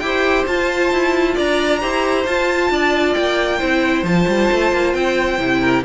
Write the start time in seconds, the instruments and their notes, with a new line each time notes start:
0.00 cello E4, viola G4, violin C5 G5
0.48 cello F4, viola F4, violin A5
0.92 cello E4
1.35 cello D4, violin D5 A#5
1.81 cello E4, viola G4, violin C5
2.27 cello F4, viola F4, violin A5
2.71 cello D4, violin D5
3.14 cello A#3, violin G5
3.58 cello C4, viola E4, violin C5
4.04 cello F3, viola F4, violin A5
4.28 cello G3
4.52 cello A3
4.72 cello A#3
4.94 cello C4, violin G5
5.39 cello C3, viola E4
5.62 violin A#4